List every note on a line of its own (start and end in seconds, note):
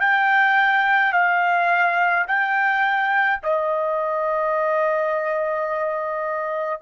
0.00 1.12 G5
1.12 2.25 F5
2.27 3.40 G5
3.43 6.81 D#5